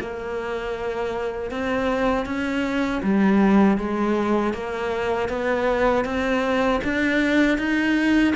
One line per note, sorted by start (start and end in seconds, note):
0.00 1.51 A#3
1.51 2.25 C4
2.25 3.01 C#4
3.02 3.78 G3
3.78 4.53 G#3
4.53 5.29 A#3
5.29 6.05 B3
6.05 6.81 C4
6.84 7.58 D4
7.58 8.34 D#4